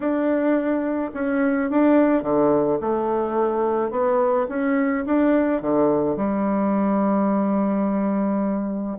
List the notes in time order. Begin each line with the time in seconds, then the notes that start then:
0.00 D4
1.14 C#4
1.70 D4
2.22 D3
2.80 A3
3.90 B3
4.49 C#4
5.06 D4
5.61 D3
6.16 G3